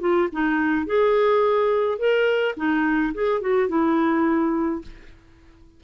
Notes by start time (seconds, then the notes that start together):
0.00 F4
0.32 D#4
0.86 G#4
1.98 A#4
2.57 D#4
3.14 G#4
3.41 F#4
3.68 E4